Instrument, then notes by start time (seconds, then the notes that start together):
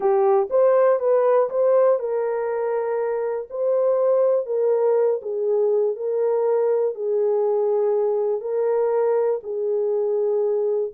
horn
0.00 G4
0.50 C5
0.99 B4
1.49 C5
1.99 A#4
3.50 C5
4.46 A#4
5.22 G#4
5.96 A#4
6.94 G#4
8.40 A#4
9.43 G#4